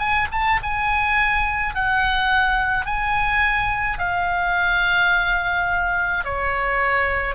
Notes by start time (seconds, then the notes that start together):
0.00 G#5
0.32 A5
0.63 G#5
1.75 F#5
2.86 G#5
3.99 F5
6.25 C#5